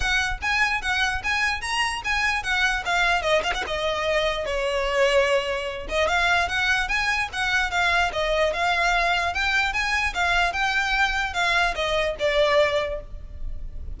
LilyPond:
\new Staff \with { instrumentName = "violin" } { \time 4/4 \tempo 4 = 148 fis''4 gis''4 fis''4 gis''4 | ais''4 gis''4 fis''4 f''4 | dis''8 f''16 fis''16 dis''2 cis''4~ | cis''2~ cis''8 dis''8 f''4 |
fis''4 gis''4 fis''4 f''4 | dis''4 f''2 g''4 | gis''4 f''4 g''2 | f''4 dis''4 d''2 | }